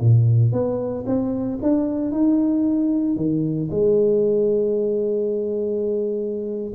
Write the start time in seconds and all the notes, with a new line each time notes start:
0.00 A#2
0.52 B3
1.06 C4
1.62 D4
2.11 D#4
3.16 D#3
3.70 G#3